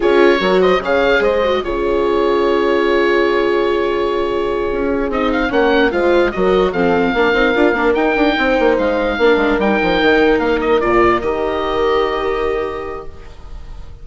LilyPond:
<<
  \new Staff \with { instrumentName = "oboe" } { \time 4/4 \tempo 4 = 147 cis''4. dis''8 f''4 dis''4 | cis''1~ | cis''1~ | cis''8 dis''8 f''8 fis''4 f''4 dis''8~ |
dis''8 f''2. g''8~ | g''4. f''2 g''8~ | g''4. f''8 dis''8 d''4 dis''8~ | dis''1 | }
  \new Staff \with { instrumentName = "horn" } { \time 4/4 gis'4 ais'8 c''8 cis''4 c''4 | gis'1~ | gis'1~ | gis'4. cis''4 c''4 ais'8~ |
ais'8 a'4 ais'2~ ais'8~ | ais'8 c''2 ais'4.~ | ais'1~ | ais'1 | }
  \new Staff \with { instrumentName = "viola" } { \time 4/4 f'4 fis'4 gis'4. fis'8 | f'1~ | f'1~ | f'8 dis'4 cis'4 f'4 fis'8~ |
fis'8 c'4 d'8 dis'8 f'8 d'8 dis'8~ | dis'2~ dis'8 d'4 dis'8~ | dis'2~ dis'8 f'4 g'8~ | g'1 | }
  \new Staff \with { instrumentName = "bassoon" } { \time 4/4 cis'4 fis4 cis4 gis4 | cis1~ | cis2.~ cis8 cis'8~ | cis'8 c'4 ais4 gis4 fis8~ |
fis8 f4 ais8 c'8 d'8 ais8 dis'8 | d'8 c'8 ais8 gis4 ais8 gis8 g8 | f8 dis4 ais4 ais,4 dis8~ | dis1 | }
>>